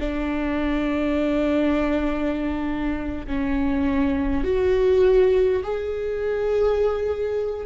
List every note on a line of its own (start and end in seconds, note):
0.00 3.27 D4
3.27 4.44 C#4
4.44 5.63 F#4
5.64 7.67 G#4